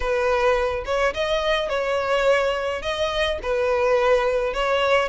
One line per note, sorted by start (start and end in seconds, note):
0.00 0.84 B4
0.85 1.13 C#5
1.13 1.69 D#5
1.69 2.82 C#5
2.82 3.38 D#5
3.42 4.53 B4
4.53 5.08 C#5